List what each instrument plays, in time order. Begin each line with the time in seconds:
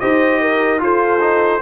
0.00 tuba D#4, trombone G4, horn C5, trumpet D#5
0.41 horn A#4
0.79 trombone F4, tuba F4, horn A4, trumpet C5
1.20 trombone D#4